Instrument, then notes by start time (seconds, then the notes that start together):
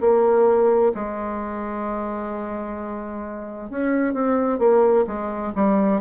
bassoon
0.00 A#3
0.94 G#3
3.70 C#4
4.14 C4
4.59 A#3
5.07 G#3
5.56 G3